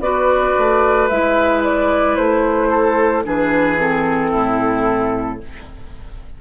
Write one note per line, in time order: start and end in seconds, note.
0.00 0.54 B3
0.00 1.10 F#4
0.00 2.70 B4
0.00 1.08 D5
0.58 1.11 A3
1.09 2.17 G#3
1.09 3.25 E4
1.09 1.63 E5
1.64 2.17 D5
2.17 3.25 A3
2.17 3.24 C5
2.70 3.23 A4
3.25 4.34 E3
3.25 3.78 D4
3.25 4.31 G#4
3.25 3.81 B4
3.78 5.39 C4
3.78 5.41 A4
4.31 5.41 A2
4.31 5.38 E4